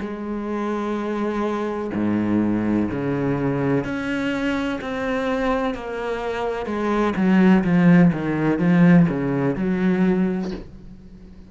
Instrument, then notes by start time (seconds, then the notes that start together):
cello
0.00 G#3
1.94 G#2
2.91 C#3
3.84 C#4
4.81 C4
5.74 A#3
6.66 G#3
7.16 F#3
7.64 F3
8.13 D#3
8.58 F3
9.09 C#3
9.55 F#3